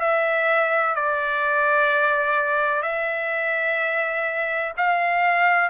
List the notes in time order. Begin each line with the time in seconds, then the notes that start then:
0.00 E5
0.95 D5
2.82 E5
4.77 F5